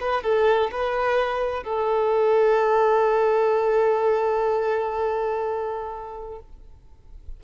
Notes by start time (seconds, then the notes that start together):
0.00 B4
0.23 A4
0.71 B4
1.63 A4